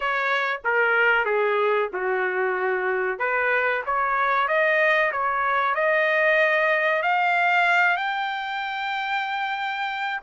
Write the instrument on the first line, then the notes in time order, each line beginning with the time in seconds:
trumpet
0.00 C#5
0.64 A#4
1.25 G#4
1.93 F#4
3.18 B4
3.86 C#5
4.47 D#5
5.12 C#5
5.74 D#5
7.02 F5
7.96 G5